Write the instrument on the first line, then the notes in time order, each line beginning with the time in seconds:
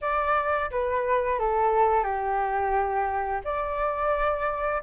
flute
0.01 D5
0.71 B4
1.39 A4
2.03 G4
3.44 D5